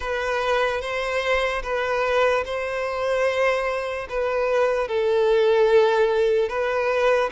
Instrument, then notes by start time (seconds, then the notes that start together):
violin
0.00 B4
0.81 C5
1.63 B4
2.45 C5
4.09 B4
4.88 A4
6.49 B4